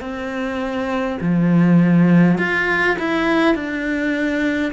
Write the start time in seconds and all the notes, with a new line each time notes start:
0.00 C4
1.21 F3
2.38 F4
2.99 E4
3.55 D4